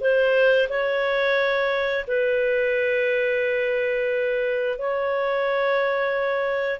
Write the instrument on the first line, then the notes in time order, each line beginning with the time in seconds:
clarinet
0.00 C5
0.68 C#5
2.07 B4
4.78 C#5